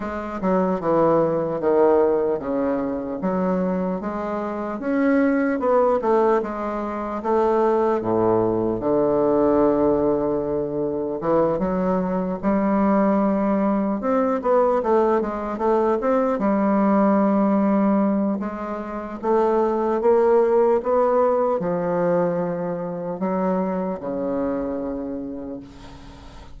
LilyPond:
\new Staff \with { instrumentName = "bassoon" } { \time 4/4 \tempo 4 = 75 gis8 fis8 e4 dis4 cis4 | fis4 gis4 cis'4 b8 a8 | gis4 a4 a,4 d4~ | d2 e8 fis4 g8~ |
g4. c'8 b8 a8 gis8 a8 | c'8 g2~ g8 gis4 | a4 ais4 b4 f4~ | f4 fis4 cis2 | }